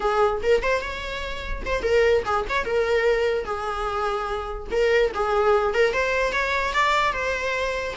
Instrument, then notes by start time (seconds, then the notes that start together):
viola
0.00 G#4
0.42 A#4
0.62 C5
0.81 C#5
1.65 C5
1.82 A#4
2.25 G#4
2.49 C#5
2.65 A#4
3.44 G#4
4.71 A#4
5.14 G#4
5.74 A#4
5.93 C5
6.32 C#5
6.73 D5
7.12 C5